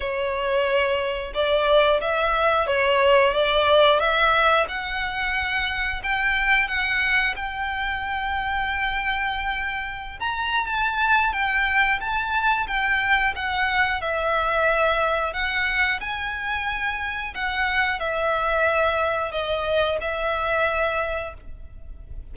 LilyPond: \new Staff \with { instrumentName = "violin" } { \time 4/4 \tempo 4 = 90 cis''2 d''4 e''4 | cis''4 d''4 e''4 fis''4~ | fis''4 g''4 fis''4 g''4~ | g''2.~ g''16 ais''8. |
a''4 g''4 a''4 g''4 | fis''4 e''2 fis''4 | gis''2 fis''4 e''4~ | e''4 dis''4 e''2 | }